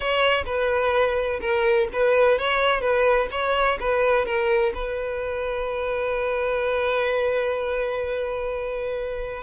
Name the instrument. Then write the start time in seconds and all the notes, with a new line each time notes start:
violin
0.00 C#5
0.45 B4
1.40 A#4
1.92 B4
2.38 C#5
2.80 B4
3.31 C#5
3.80 B4
4.25 A#4
4.74 B4